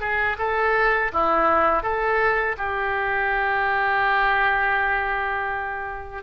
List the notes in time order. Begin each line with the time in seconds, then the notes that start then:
0.00 G#4
0.38 A4
1.12 E4
1.83 A4
2.57 G4